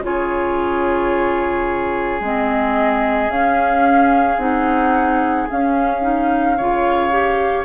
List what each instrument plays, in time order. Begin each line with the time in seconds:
0.00 bassoon C#3, clarinet F4, oboe G#4, flute C#5
2.20 bassoon G#3, clarinet C4, flute D#5
3.28 bassoon C#4, clarinet C#4, flute F5
4.37 bassoon C4, clarinet D#4, flute F#5
5.49 clarinet C#4, bassoon C#4, flute F5
6.01 clarinet D#4
6.57 bassoon C#3, clarinet F4, oboe C#5
7.11 clarinet G4